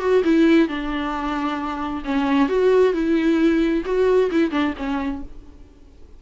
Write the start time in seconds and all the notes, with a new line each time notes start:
0.00 F#4
0.24 E4
0.68 D4
2.05 C#4
2.49 F#4
2.93 E4
3.85 F#4
4.31 E4
4.51 D4
4.77 C#4